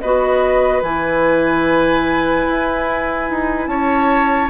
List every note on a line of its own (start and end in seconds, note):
0.00 0.82 B3
0.00 0.83 F#4
0.00 3.70 B4
0.00 0.82 D#5
0.82 2.47 E3
0.82 4.51 E4
0.82 3.67 G#5
2.49 3.30 E4
3.30 3.67 D#4
3.67 4.49 C#4
3.67 4.51 C#5
3.67 4.49 A5